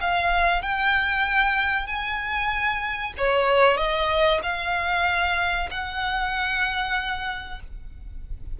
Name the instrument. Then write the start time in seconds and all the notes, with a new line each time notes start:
violin
0.00 F5
0.62 G5
1.87 G#5
3.17 C#5
3.77 D#5
4.43 F5
5.70 F#5